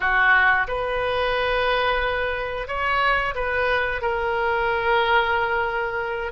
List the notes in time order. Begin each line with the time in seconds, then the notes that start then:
0.00 F#4
0.67 B4
2.67 C#5
3.35 B4
4.01 A#4